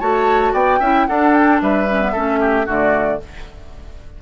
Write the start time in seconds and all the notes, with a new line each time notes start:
0.00 A3 F#4 C#5 A5
0.53 B3 D5 G5
0.80 C#4 E4 E5
1.07 D4 A4 F#5
1.34 G5
1.62 G3 B4 E5
1.89 C#4
2.01 B3
2.13 A3 C#4 A4
2.41 G4
2.66 D3 A3 F#4 D5